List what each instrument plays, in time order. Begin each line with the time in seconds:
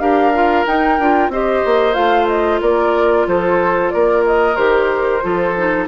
0.00 bassoon D4, clarinet G4, oboe A#4, flute F5
0.34 clarinet F4
0.67 clarinet D#4, bassoon D#4, flute G5
0.99 bassoon D4, clarinet F4
1.29 bassoon C4, clarinet G4, oboe C5, flute D#5
1.65 bassoon A#3
1.94 bassoon A3, clarinet F4, flute F5
2.28 flute D#5
2.62 bassoon A#3, oboe A#4, flute D5
3.27 bassoon F3, oboe A4, flute C5
3.91 bassoon A#3, oboe A#4, flute D5
4.27 flute D#5
4.56 bassoon D#3, clarinet G4, flute C5
5.22 bassoon F3, clarinet F4, oboe A4
5.58 clarinet D#4